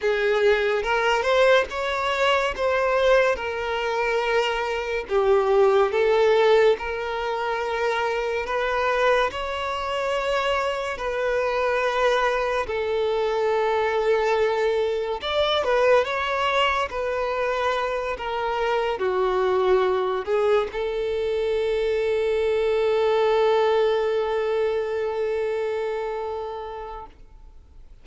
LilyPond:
\new Staff \with { instrumentName = "violin" } { \time 4/4 \tempo 4 = 71 gis'4 ais'8 c''8 cis''4 c''4 | ais'2 g'4 a'4 | ais'2 b'4 cis''4~ | cis''4 b'2 a'4~ |
a'2 d''8 b'8 cis''4 | b'4. ais'4 fis'4. | gis'8 a'2.~ a'8~ | a'1 | }